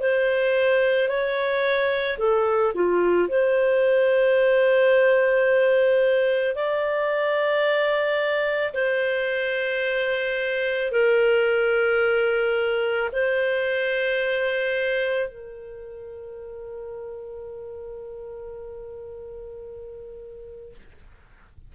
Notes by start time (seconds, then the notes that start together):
0.00 C5
1.09 C#5
2.18 A4
2.74 F4
3.28 C5
6.55 D5
8.74 C5
10.91 A#4
13.13 C5
15.28 A#4